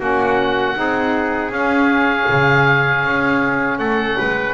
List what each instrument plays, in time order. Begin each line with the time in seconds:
0.00 double bass A#3, saxophone C#4, trumpet F#4, oboe F#5
0.75 double bass C4, saxophone D#4, trumpet G#4
1.51 double bass C#4, saxophone C#4, oboe F5
2.30 double bass C#3
3.05 double bass C#4
3.79 double bass A3, trumpet A4, oboe F#5
4.19 double bass G#3, trumpet B4